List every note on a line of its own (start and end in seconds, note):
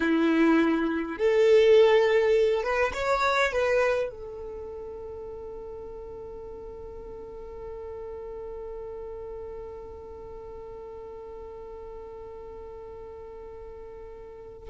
0.00 1.17 E4
1.17 2.63 A4
2.63 2.92 B4
2.93 3.52 C#5
3.52 4.10 B4
4.10 14.69 A4